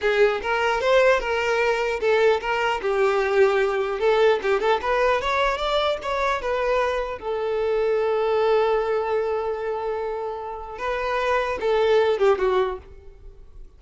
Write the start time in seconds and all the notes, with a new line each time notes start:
0.01 G#4
0.42 A#4
0.81 C5
1.20 A#4
2.00 A4
2.41 A#4
2.81 G4
3.99 A4
4.42 G4
4.60 A4
4.81 B4
5.21 C#5
5.57 D5
6.02 C#5
6.41 B4
7.18 A4
10.78 B4
11.60 A4
12.18 G4
12.38 F#4